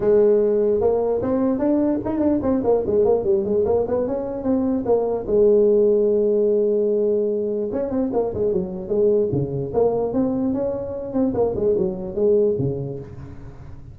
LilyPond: \new Staff \with { instrumentName = "tuba" } { \time 4/4 \tempo 4 = 148 gis2 ais4 c'4 | d'4 dis'8 d'8 c'8 ais8 gis8 ais8 | g8 gis8 ais8 b8 cis'4 c'4 | ais4 gis2.~ |
gis2. cis'8 c'8 | ais8 gis8 fis4 gis4 cis4 | ais4 c'4 cis'4. c'8 | ais8 gis8 fis4 gis4 cis4 | }